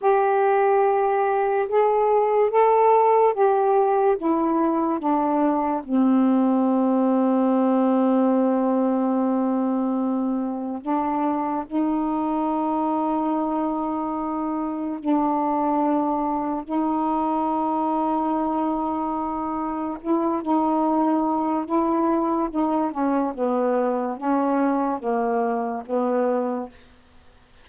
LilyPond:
\new Staff \with { instrumentName = "saxophone" } { \time 4/4 \tempo 4 = 72 g'2 gis'4 a'4 | g'4 e'4 d'4 c'4~ | c'1~ | c'4 d'4 dis'2~ |
dis'2 d'2 | dis'1 | e'8 dis'4. e'4 dis'8 cis'8 | b4 cis'4 ais4 b4 | }